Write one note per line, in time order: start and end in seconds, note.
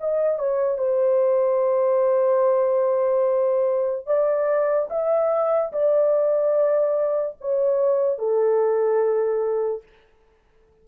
0.00 0.39 D#5
0.39 0.78 C#5
0.78 4.06 C5
4.06 4.88 D5
4.90 5.72 E5
5.72 7.37 D5
7.41 8.18 C#5
8.18 9.83 A4